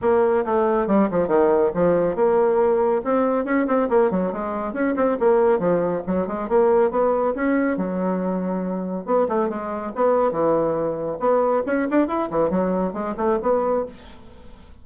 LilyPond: \new Staff \with { instrumentName = "bassoon" } { \time 4/4 \tempo 4 = 139 ais4 a4 g8 f8 dis4 | f4 ais2 c'4 | cis'8 c'8 ais8 fis8 gis4 cis'8 c'8 | ais4 f4 fis8 gis8 ais4 |
b4 cis'4 fis2~ | fis4 b8 a8 gis4 b4 | e2 b4 cis'8 d'8 | e'8 e8 fis4 gis8 a8 b4 | }